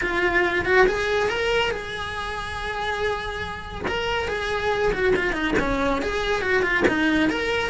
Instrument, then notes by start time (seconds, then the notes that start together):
cello
0.01 F4
0.65 F#4
0.87 G#4
1.29 A#4
1.71 G#4
3.87 A#4
4.28 G#4
4.92 F#4
5.16 F4
5.33 D#4
5.59 C#4
6.02 G#4
6.41 F#4
6.62 F4
6.87 D#4
7.29 A#4